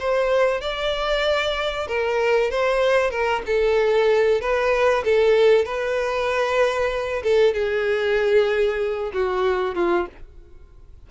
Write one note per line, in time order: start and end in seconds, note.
0.00 0.61 C5
0.61 1.87 D5
1.87 2.51 A#4
2.51 3.11 C5
3.11 3.42 A#4
3.46 4.41 A4
4.41 5.04 B4
5.05 5.65 A4
5.65 7.23 B4
7.23 7.54 A4
7.54 9.12 G#4
9.14 9.75 F#4
9.75 10.07 F4